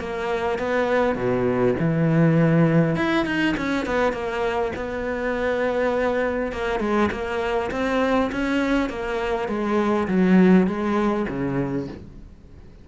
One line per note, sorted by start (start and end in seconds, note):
0.00 0.59 A#3
0.59 1.16 B3
1.16 1.75 B2
1.80 2.96 E3
2.96 3.26 E4
3.26 3.55 D#4
3.58 3.86 C#4
3.86 4.13 B3
4.13 4.72 A#3
4.76 6.53 B3
6.53 6.80 A#3
6.80 7.10 G#3
7.12 7.71 A#3
7.71 8.31 C4
8.32 8.90 C#4
8.90 9.49 A#3
9.49 10.08 G#3
10.08 10.67 F#3
10.67 11.27 G#3
11.29 11.88 C#3